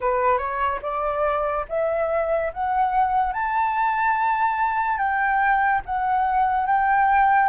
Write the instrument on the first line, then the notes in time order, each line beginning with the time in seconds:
flute
0.00 B4
0.37 C#5
0.82 D5
1.69 E5
2.53 F#5
3.33 A5
4.98 G5
5.85 F#5
6.66 G5